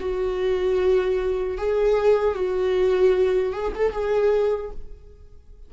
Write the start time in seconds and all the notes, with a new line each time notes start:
0.00 F#4
1.57 G#4
2.35 F#4
3.53 G#4
3.75 A4
3.92 G#4